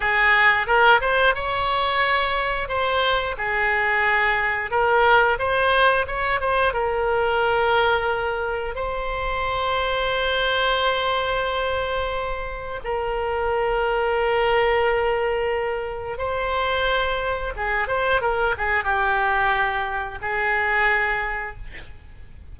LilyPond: \new Staff \with { instrumentName = "oboe" } { \time 4/4 \tempo 4 = 89 gis'4 ais'8 c''8 cis''2 | c''4 gis'2 ais'4 | c''4 cis''8 c''8 ais'2~ | ais'4 c''2.~ |
c''2. ais'4~ | ais'1 | c''2 gis'8 c''8 ais'8 gis'8 | g'2 gis'2 | }